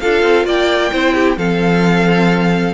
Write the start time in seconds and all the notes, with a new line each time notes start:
0.00 D4 F4 A4 F5
0.22 C4
0.45 A#3 D5 G5
0.92 C4 E4 C5
1.14 G4
1.37 F3 C4 A4 F5